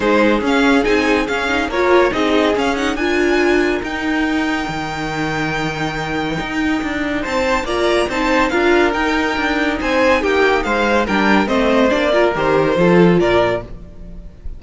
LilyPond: <<
  \new Staff \with { instrumentName = "violin" } { \time 4/4 \tempo 4 = 141 c''4 f''4 gis''4 f''4 | cis''4 dis''4 f''8 fis''8 gis''4~ | gis''4 g''2.~ | g''1~ |
g''4 a''4 ais''4 a''4 | f''4 g''2 gis''4 | g''4 f''4 g''4 dis''4 | d''4 c''2 d''4 | }
  \new Staff \with { instrumentName = "violin" } { \time 4/4 gis'1 | ais'4 gis'2 ais'4~ | ais'1~ | ais'1~ |
ais'4 c''4 d''4 c''4 | ais'2. c''4 | g'4 c''4 ais'4 c''4~ | c''8 ais'4. a'4 ais'4 | }
  \new Staff \with { instrumentName = "viola" } { \time 4/4 dis'4 cis'4 dis'4 cis'8 dis'8 | f'4 dis'4 cis'8 dis'8 f'4~ | f'4 dis'2.~ | dis'1~ |
dis'2 f'4 dis'4 | f'4 dis'2.~ | dis'2 d'4 c'4 | d'8 f'8 g'4 f'2 | }
  \new Staff \with { instrumentName = "cello" } { \time 4/4 gis4 cis'4 c'4 cis'4 | ais4 c'4 cis'4 d'4~ | d'4 dis'2 dis4~ | dis2. dis'4 |
d'4 c'4 ais4 c'4 | d'4 dis'4 d'4 c'4 | ais4 gis4 g4 a4 | ais4 dis4 f4 ais,4 | }
>>